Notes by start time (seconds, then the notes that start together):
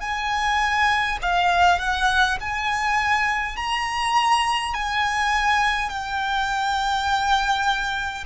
0.00 G#5
1.22 F5
1.79 F#5
2.40 G#5
3.56 A#5
4.74 G#5
5.89 G5